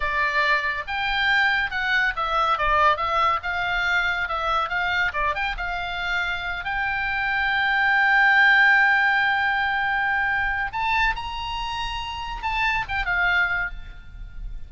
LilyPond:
\new Staff \with { instrumentName = "oboe" } { \time 4/4 \tempo 4 = 140 d''2 g''2 | fis''4 e''4 d''4 e''4 | f''2 e''4 f''4 | d''8 g''8 f''2~ f''8 g''8~ |
g''1~ | g''1~ | g''4 a''4 ais''2~ | ais''4 a''4 g''8 f''4. | }